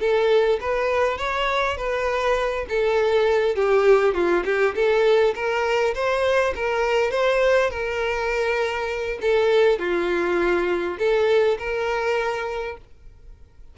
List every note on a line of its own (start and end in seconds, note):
0.00 0.59 A4
0.60 1.18 B4
1.18 1.77 C#5
1.77 2.66 B4
2.69 3.56 A4
3.56 4.14 G4
4.14 4.44 F4
4.45 4.74 G4
4.75 5.34 A4
5.35 5.94 A#4
5.95 6.54 C5
6.55 7.11 A#4
7.11 7.70 C5
7.70 9.19 A#4
9.22 9.79 A4
9.79 10.98 F4
10.98 11.58 A4
11.59 12.77 A#4